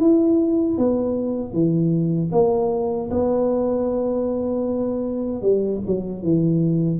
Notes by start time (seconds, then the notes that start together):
0.00 E4
0.78 B3
1.53 E3
2.32 A#3
3.11 B3
5.42 G3
5.87 F#3
6.23 E3